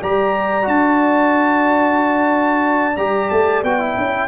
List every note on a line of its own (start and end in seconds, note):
0.00 0.66 G3
0.00 0.62 G4
0.00 4.27 D5
0.00 0.67 A#5
0.62 2.96 D4
0.62 2.93 F#4
0.62 2.96 A5
2.96 3.29 G3
2.96 3.64 G4
2.96 3.29 A#5
3.30 3.63 A3
3.30 3.62 A5
3.63 3.96 B3
3.63 3.79 F#4
3.63 4.27 G5
3.79 4.27 E4
3.97 4.27 C#4